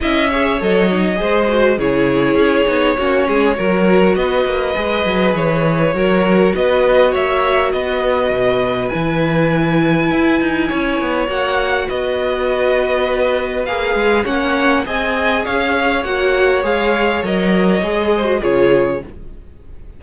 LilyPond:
<<
  \new Staff \with { instrumentName = "violin" } { \time 4/4 \tempo 4 = 101 e''4 dis''2 cis''4~ | cis''2. dis''4~ | dis''4 cis''2 dis''4 | e''4 dis''2 gis''4~ |
gis''2. fis''4 | dis''2. f''4 | fis''4 gis''4 f''4 fis''4 | f''4 dis''2 cis''4 | }
  \new Staff \with { instrumentName = "violin" } { \time 4/4 dis''8 cis''4. c''4 gis'4~ | gis'4 fis'8 gis'8 ais'4 b'4~ | b'2 ais'4 b'4 | cis''4 b'2.~ |
b'2 cis''2 | b'1 | cis''4 dis''4 cis''2~ | cis''2~ cis''8 c''8 gis'4 | }
  \new Staff \with { instrumentName = "viola" } { \time 4/4 e'8 gis'8 a'8 dis'8 gis'8 fis'8 e'4~ | e'8 dis'8 cis'4 fis'2 | gis'2 fis'2~ | fis'2. e'4~ |
e'2. fis'4~ | fis'2. gis'4 | cis'4 gis'2 fis'4 | gis'4 ais'4 gis'8. fis'16 f'4 | }
  \new Staff \with { instrumentName = "cello" } { \time 4/4 cis'4 fis4 gis4 cis4 | cis'8 b8 ais8 gis8 fis4 b8 ais8 | gis8 fis8 e4 fis4 b4 | ais4 b4 b,4 e4~ |
e4 e'8 dis'8 cis'8 b8 ais4 | b2. ais8 gis8 | ais4 c'4 cis'4 ais4 | gis4 fis4 gis4 cis4 | }
>>